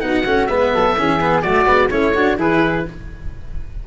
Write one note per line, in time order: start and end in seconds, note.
0.00 0.26 B3
0.00 0.24 D#4
0.00 0.49 F#4
0.00 0.47 F#5
0.25 0.47 A3
0.25 0.48 C#4
0.47 0.71 G#3
0.47 0.96 B3
0.47 0.73 B4
0.47 1.41 E5
0.73 0.98 F#3
0.73 0.97 A4
0.98 1.43 E3
0.98 1.20 C#4
0.98 1.43 G#4
1.20 1.44 B3
1.42 1.66 F#3
1.42 1.66 A3
1.42 1.90 F#4
1.42 1.89 D5
1.66 1.90 G#3
1.66 1.89 B3
1.90 2.37 A3
1.90 2.14 C#4
1.90 2.13 E4
1.90 2.37 C#5
2.13 2.38 D4
2.13 2.37 F#4
2.37 2.84 E3
2.37 2.85 E4
2.37 2.86 G#4
2.37 2.87 B4